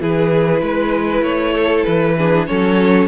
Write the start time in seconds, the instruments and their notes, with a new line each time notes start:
0.00 cello E3, viola E4, violin G#4 B4
0.62 cello G#3, violin B4
1.22 cello A3, violin C#5
1.53 violin A4
1.84 cello E3, violin B4
2.17 viola D4, violin G#4
2.47 cello F#3, viola C#4, violin A4 C#5